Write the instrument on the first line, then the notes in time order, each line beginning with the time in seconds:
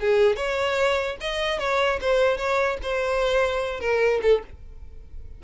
violin
0.00 G#4
0.36 C#5
1.21 D#5
1.59 C#5
2.01 C5
2.37 C#5
2.82 C5
3.80 A#4
4.22 A4